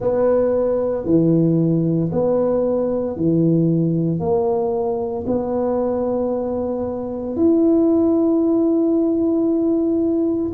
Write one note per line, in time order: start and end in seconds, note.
0.00 1.05 B3
1.05 2.10 E3
2.11 3.16 B3
3.16 4.19 E3
4.19 5.24 A#3
5.26 7.36 B3
7.36 10.52 E4